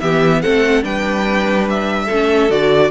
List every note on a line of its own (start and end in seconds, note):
0.00 0.43 E3
0.00 0.43 B3
0.00 0.42 G4
0.00 0.42 E5
0.42 0.84 A3
0.42 0.82 C4
0.42 0.84 A4
0.42 0.83 F#5
0.82 2.09 G3
0.82 2.07 D4
0.82 2.05 B4
0.82 1.68 G5
1.70 2.51 E5
2.05 2.50 A3
2.05 2.88 A4
2.12 2.49 C#4
2.49 2.91 D3
2.49 2.91 F#4
2.49 2.91 D5